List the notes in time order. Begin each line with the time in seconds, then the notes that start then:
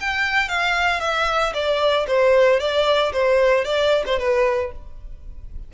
0.00 G5
0.48 F5
1.00 E5
1.53 D5
2.07 C5
2.59 D5
3.12 C5
3.64 D5
4.06 C5
4.19 B4